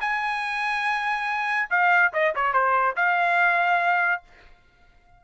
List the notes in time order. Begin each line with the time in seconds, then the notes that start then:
0.00 G#5
1.70 F5
2.13 D#5
2.35 C#5
2.53 C5
2.96 F5